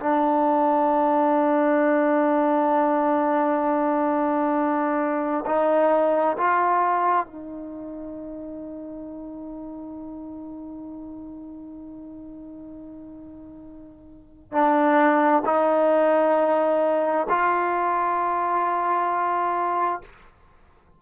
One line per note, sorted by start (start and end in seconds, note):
0.00 5.45 D4
5.47 6.38 D#4
6.38 7.26 F4
7.26 14.52 D#4
14.52 15.43 D4
15.46 17.28 D#4
17.30 20.02 F4